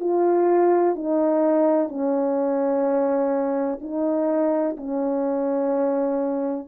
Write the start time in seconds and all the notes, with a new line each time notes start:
0.00 F4
0.95 D#4
1.88 C#4
3.81 D#4
4.77 C#4